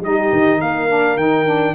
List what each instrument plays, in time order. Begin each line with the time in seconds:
0.00 tuba G3, saxophone D#4, horn G4, trumpet D#5
0.32 tuba D#3
0.61 tuba A#3, horn A#4, trumpet F5
0.88 saxophone D4
1.17 tuba D#3, saxophone D#4, trumpet G5
1.45 saxophone D4